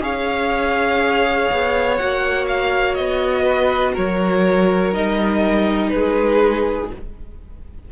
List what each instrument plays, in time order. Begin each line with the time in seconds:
0.00 cello C#4, viola G#4, violin C#5 F5
1.52 cello B3
1.97 cello A#3, viola F#4, violin F#5
2.48 violin F5
2.95 cello B3, violin D#5
3.43 violin B4
3.93 cello F#3, violin A#4 C#5
4.93 cello G3, viola D#4, violin D#5
5.90 cello G#3, violin G#4 B4